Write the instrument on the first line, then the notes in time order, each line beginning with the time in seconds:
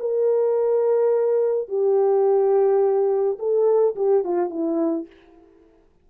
horn
0.00 A#4
1.69 G4
3.39 A4
3.96 G4
4.24 F4
4.51 E4